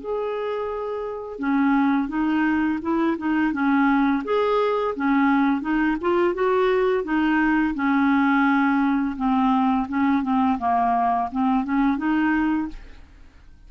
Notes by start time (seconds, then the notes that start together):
0.00 G#4
1.39 C#4
2.08 D#4
2.82 E4
3.18 D#4
3.52 C#4
4.24 G#4
4.96 C#4
5.61 D#4
6.01 F4
6.34 F#4
7.03 D#4
7.74 C#4
9.16 C4
9.89 C#4
10.23 C4
10.59 A#3
11.32 C4
11.64 C#4
11.97 D#4